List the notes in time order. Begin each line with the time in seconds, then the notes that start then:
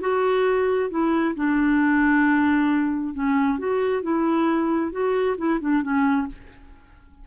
0.00 F#4
0.90 E4
1.35 D4
3.14 C#4
3.58 F#4
4.02 E4
4.91 F#4
5.37 E4
5.60 D4
5.82 C#4